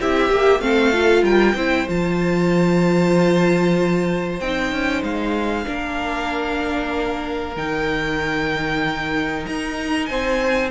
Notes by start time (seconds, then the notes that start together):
0.00 C4 E4 G4 E5
0.30 A#3 G4
0.60 A3 C4 A4 F5
0.93 F4
1.23 G3 A#4 G5
1.55 C4 E4 C5
1.88 F3 F4 A5
4.40 C4 D#4 G5
4.72 C#4
5.03 G#3 F5
5.65 A#3 D4 A#4
7.57 D#3 D#4 G5
9.46 D#4 A#5
10.06 C4 C5 G#5